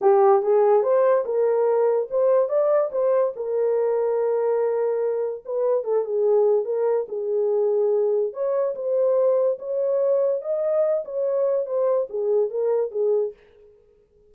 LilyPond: \new Staff \with { instrumentName = "horn" } { \time 4/4 \tempo 4 = 144 g'4 gis'4 c''4 ais'4~ | ais'4 c''4 d''4 c''4 | ais'1~ | ais'4 b'4 a'8 gis'4. |
ais'4 gis'2. | cis''4 c''2 cis''4~ | cis''4 dis''4. cis''4. | c''4 gis'4 ais'4 gis'4 | }